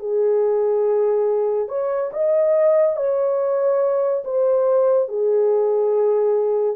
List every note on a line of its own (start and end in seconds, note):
0.00 1.69 G#4
1.69 2.11 C#5
2.13 2.97 D#5
2.97 4.24 C#5
4.24 5.09 C5
5.09 6.76 G#4